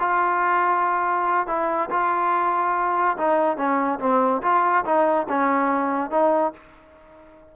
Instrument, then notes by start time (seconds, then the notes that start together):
trombone
0.00 F4
1.47 E4
1.91 F4
3.18 D#4
3.57 C#4
4.00 C4
4.43 F4
4.85 D#4
5.29 C#4
6.11 D#4